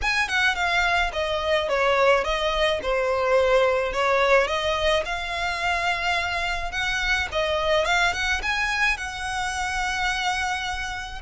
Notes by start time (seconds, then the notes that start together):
0.01 G#5
0.28 F#5
0.55 F5
1.12 D#5
1.68 C#5
2.24 D#5
2.82 C5
3.93 C#5
4.47 D#5
5.05 F5
6.71 F#5
7.32 D#5
7.85 F5
8.13 F#5
8.42 G#5
8.97 F#5